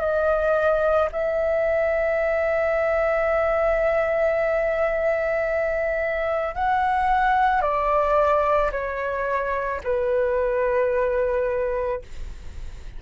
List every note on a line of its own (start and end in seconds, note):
0.00 1.09 D#5
1.12 6.55 E5
6.55 7.61 F#5
7.61 8.70 D5
8.71 9.80 C#5
9.83 12.01 B4